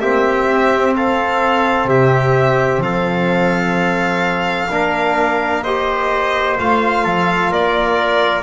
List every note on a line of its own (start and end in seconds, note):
0.00 0.46 A#3
0.00 4.69 C4
0.00 0.96 G4
0.00 0.94 E5
0.46 1.85 C4
0.97 1.90 A4
0.97 1.89 F5
1.85 2.79 C3
1.85 2.83 G4
1.85 2.83 E5
2.79 4.66 F3
2.79 4.72 A4
2.79 5.63 F5
4.71 6.58 A#3
4.71 5.65 D4
4.71 5.64 A#4
5.63 6.60 G4
5.63 7.04 C5
5.63 6.57 D#5
6.59 7.06 A3
6.59 8.43 F4
6.59 7.53 F5
7.04 7.52 F3
7.04 7.51 A4
7.51 8.43 A#3
7.51 8.43 A#4
7.51 8.43 D5